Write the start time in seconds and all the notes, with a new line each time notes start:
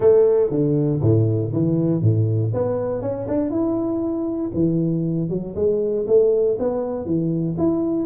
0.00 A3
0.50 D3
1.01 A2
1.52 E3
2.01 A2
2.53 B3
3.01 C#4
3.28 D4
3.50 E4
4.54 E3
5.29 F#3
5.55 G#3
6.07 A3
6.59 B3
7.05 E3
7.58 E4